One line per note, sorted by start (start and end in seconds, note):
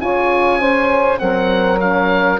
0.00 1.21 C#3
0.00 0.60 F4
0.00 0.59 C#5
0.00 1.19 G#5
0.59 1.19 C#4
0.59 1.19 C5
1.19 2.39 F#3
1.19 1.79 C4
1.19 2.39 A#4
1.19 1.79 F#5
1.79 2.39 C#4
1.79 2.39 F5